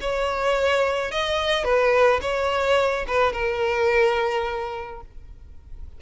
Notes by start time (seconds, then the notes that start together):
0.00 C#5
1.11 D#5
1.64 B4
2.21 C#5
3.07 B4
3.32 A#4